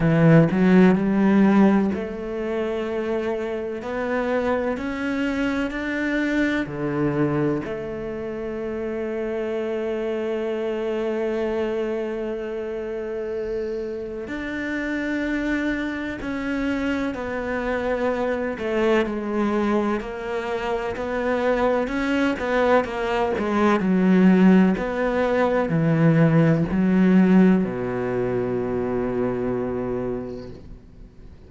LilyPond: \new Staff \with { instrumentName = "cello" } { \time 4/4 \tempo 4 = 63 e8 fis8 g4 a2 | b4 cis'4 d'4 d4 | a1~ | a2. d'4~ |
d'4 cis'4 b4. a8 | gis4 ais4 b4 cis'8 b8 | ais8 gis8 fis4 b4 e4 | fis4 b,2. | }